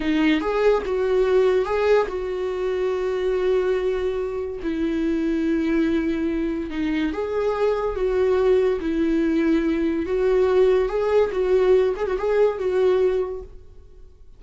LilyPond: \new Staff \with { instrumentName = "viola" } { \time 4/4 \tempo 4 = 143 dis'4 gis'4 fis'2 | gis'4 fis'2.~ | fis'2. e'4~ | e'1 |
dis'4 gis'2 fis'4~ | fis'4 e'2. | fis'2 gis'4 fis'4~ | fis'8 gis'16 fis'16 gis'4 fis'2 | }